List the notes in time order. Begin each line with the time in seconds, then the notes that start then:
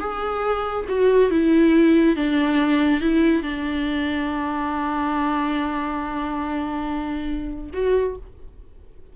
0.00 G#4
0.89 F#4
1.31 E4
2.17 D4
3.01 E4
3.43 D4
7.74 F#4